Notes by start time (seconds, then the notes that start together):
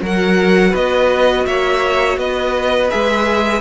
0.00 F#3 F#4 A#4 F#5
0.70 B3 B4 D#5
1.46 A#3 C#5 E5
2.17 B3 B4 D#5
2.90 G#3 G#4 E5